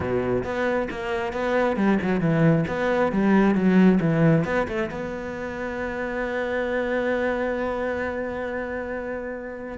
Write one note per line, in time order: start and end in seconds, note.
0.00 0.43 B2
0.43 0.88 B3
0.90 1.33 A#3
1.33 1.76 B3
1.76 1.98 G3
2.01 2.20 F#3
2.20 2.64 E3
2.67 3.12 B3
3.12 3.55 G3
3.55 3.99 F#3
4.00 4.44 E3
4.44 4.67 B3
4.67 4.90 A3
4.91 9.77 B3